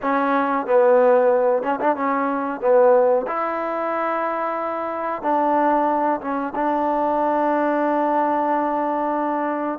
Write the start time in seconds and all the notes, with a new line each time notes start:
0.01 C#4
0.66 B3
1.62 C#4
1.80 D4
1.96 C#4
2.61 B3
3.27 E4
5.22 D4
6.20 C#4
6.55 D4